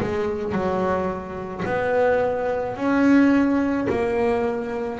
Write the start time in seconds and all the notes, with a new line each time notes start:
0.00 G#3
0.53 F#3
1.65 B3
2.76 C#4
3.89 A#3